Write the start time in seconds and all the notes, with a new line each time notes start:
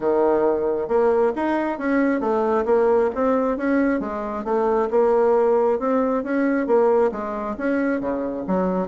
0.00 D#3
0.88 A#3
1.35 D#4
1.78 C#4
2.20 A3
2.65 A#3
3.14 C4
3.57 C#4
3.99 G#3
4.44 A3
4.90 A#3
5.79 C4
6.23 C#4
6.66 A#3
7.11 G#3
7.57 C#4
8.00 C#3
8.47 F#3